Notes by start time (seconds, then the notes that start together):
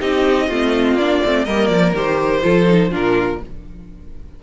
0.00 C4 D#4 G4 D#5
0.48 A3 C4 F4
0.94 A#3 D4 D5
1.24 A3 C4
1.44 G3 A#3 A#4 D#5
1.67 F3 D5
1.94 D#3 G4 C5
2.41 F3 F4 A4
2.67 D#4
2.90 A#2 D4 F4 A#4